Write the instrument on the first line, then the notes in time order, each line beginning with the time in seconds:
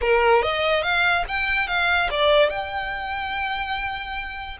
violin
0.01 A#4
0.42 D#5
0.82 F5
1.27 G5
1.67 F5
2.10 D5
2.49 G5